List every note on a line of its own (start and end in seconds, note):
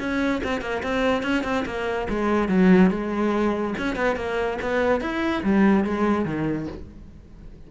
0.00 0.42 C#4
0.44 0.61 C4
0.61 0.82 A#3
0.83 1.23 C4
1.23 1.44 C#4
1.44 1.65 C4
1.66 2.08 A#3
2.10 2.49 G#3
2.49 2.91 F#3
2.91 3.75 G#3
3.78 3.96 C#4
3.96 4.16 B3
4.16 4.58 A#3
4.62 5.01 B3
5.01 5.43 E4
5.44 5.85 G3
5.85 6.26 G#3
6.26 6.68 D#3